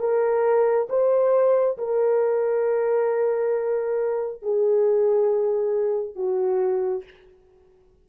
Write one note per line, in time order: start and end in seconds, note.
0.00 0.88 A#4
0.89 1.78 C5
1.78 4.42 A#4
4.42 6.16 G#4
6.16 7.04 F#4